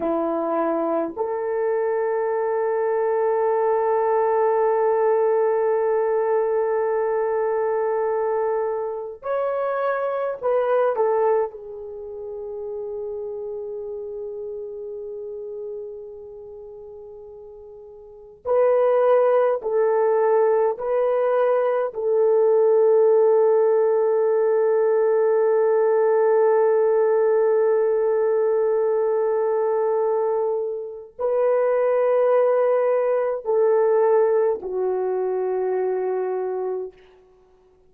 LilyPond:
\new Staff \with { instrumentName = "horn" } { \time 4/4 \tempo 4 = 52 e'4 a'2.~ | a'1 | cis''4 b'8 a'8 gis'2~ | gis'1 |
b'4 a'4 b'4 a'4~ | a'1~ | a'2. b'4~ | b'4 a'4 fis'2 | }